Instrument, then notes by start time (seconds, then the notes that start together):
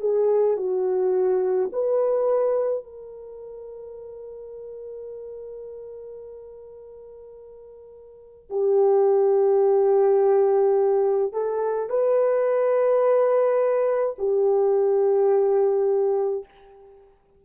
horn
0.00 G#4
0.57 F#4
1.72 B4
2.84 A#4
8.50 G4
11.33 A4
11.90 B4
14.19 G4